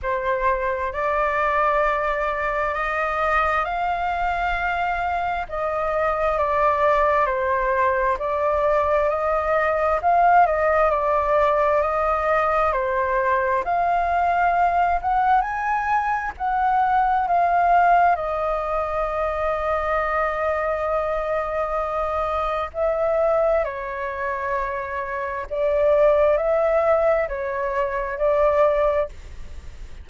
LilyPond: \new Staff \with { instrumentName = "flute" } { \time 4/4 \tempo 4 = 66 c''4 d''2 dis''4 | f''2 dis''4 d''4 | c''4 d''4 dis''4 f''8 dis''8 | d''4 dis''4 c''4 f''4~ |
f''8 fis''8 gis''4 fis''4 f''4 | dis''1~ | dis''4 e''4 cis''2 | d''4 e''4 cis''4 d''4 | }